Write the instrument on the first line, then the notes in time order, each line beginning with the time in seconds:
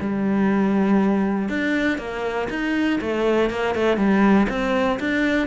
cello
0.00 G3
1.49 D4
1.98 A#3
2.49 D#4
3.01 A3
3.50 A#3
3.75 A3
3.97 G3
4.49 C4
4.99 D4